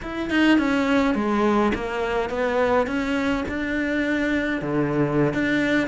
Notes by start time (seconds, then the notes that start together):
0.02 E4
0.30 D#4
0.58 C#4
1.14 G#3
1.74 A#3
2.29 B3
2.86 C#4
3.48 D4
4.61 D3
5.33 D4